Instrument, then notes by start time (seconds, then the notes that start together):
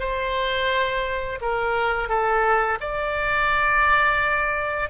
oboe
0.00 C5
1.41 A#4
2.09 A4
2.81 D5